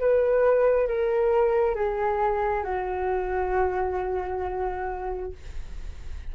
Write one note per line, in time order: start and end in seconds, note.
0.00 0.88 B4
0.88 1.76 A#4
1.76 2.64 G#4
2.64 5.33 F#4